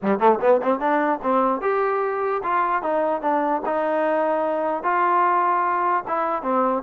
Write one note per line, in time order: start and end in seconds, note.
0.02 0.18 G3
0.18 0.38 A3
0.41 0.61 B3
0.62 0.79 C4
0.79 1.19 D4
1.22 1.61 C4
1.61 2.42 G4
2.43 2.82 F4
2.82 3.21 D#4
3.21 3.61 D4
3.65 4.83 D#4
4.83 6.04 F4
6.07 6.42 E4
6.42 6.82 C4